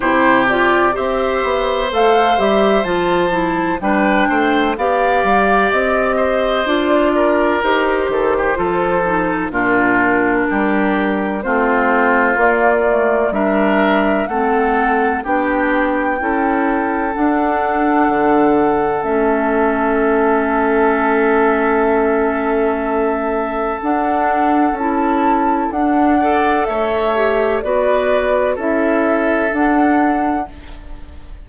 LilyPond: <<
  \new Staff \with { instrumentName = "flute" } { \time 4/4 \tempo 4 = 63 c''8 d''8 e''4 f''8 e''8 a''4 | g''4 f''4 dis''4 d''4 | c''2 ais'2 | c''4 d''4 e''4 fis''4 |
g''2 fis''2 | e''1~ | e''4 fis''4 a''4 fis''4 | e''4 d''4 e''4 fis''4 | }
  \new Staff \with { instrumentName = "oboe" } { \time 4/4 g'4 c''2. | b'8 c''8 d''4. c''4 ais'8~ | ais'8 a'16 g'16 a'4 f'4 g'4 | f'2 ais'4 a'4 |
g'4 a'2.~ | a'1~ | a'2.~ a'8 d''8 | cis''4 b'4 a'2 | }
  \new Staff \with { instrumentName = "clarinet" } { \time 4/4 e'8 f'8 g'4 a'8 g'8 f'8 e'8 | d'4 g'2 f'4 | g'4 f'8 dis'8 d'2 | c'4 ais8 a8 d'4 c'4 |
d'4 e'4 d'2 | cis'1~ | cis'4 d'4 e'4 d'8 a'8~ | a'8 g'8 fis'4 e'4 d'4 | }
  \new Staff \with { instrumentName = "bassoon" } { \time 4/4 c4 c'8 b8 a8 g8 f4 | g8 a8 b8 g8 c'4 d'4 | dis'8 dis8 f4 ais,4 g4 | a4 ais4 g4 a4 |
b4 cis'4 d'4 d4 | a1~ | a4 d'4 cis'4 d'4 | a4 b4 cis'4 d'4 | }
>>